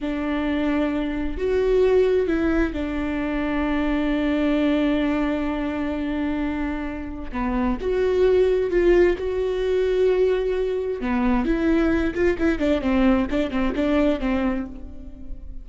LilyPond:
\new Staff \with { instrumentName = "viola" } { \time 4/4 \tempo 4 = 131 d'2. fis'4~ | fis'4 e'4 d'2~ | d'1~ | d'1 |
b4 fis'2 f'4 | fis'1 | b4 e'4. f'8 e'8 d'8 | c'4 d'8 c'8 d'4 c'4 | }